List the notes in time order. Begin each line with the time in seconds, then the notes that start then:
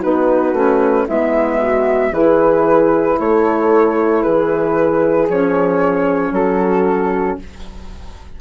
0.00 B3 D#4 F#4 B4
0.53 A3 C#4
1.07 G#3 B3 E4 E5
1.61 F#4
2.12 E3 E4 G#4 B4
3.19 A3 A4 C#5
4.23 E3 G#4 B4
5.29 F3 C#4 C#5
6.32 F#3 F#4 A4